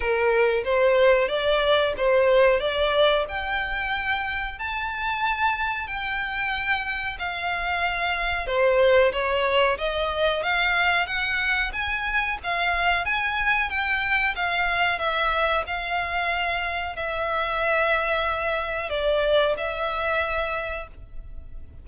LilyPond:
\new Staff \with { instrumentName = "violin" } { \time 4/4 \tempo 4 = 92 ais'4 c''4 d''4 c''4 | d''4 g''2 a''4~ | a''4 g''2 f''4~ | f''4 c''4 cis''4 dis''4 |
f''4 fis''4 gis''4 f''4 | gis''4 g''4 f''4 e''4 | f''2 e''2~ | e''4 d''4 e''2 | }